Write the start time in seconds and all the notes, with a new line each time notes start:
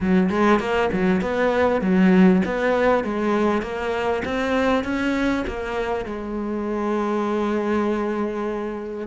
0.00 F#3
0.29 G#3
0.59 A#3
0.92 F#3
1.21 B3
1.81 F#3
2.45 B3
3.04 G#3
3.61 A#3
4.24 C4
4.83 C#4
5.47 A#3
6.05 G#3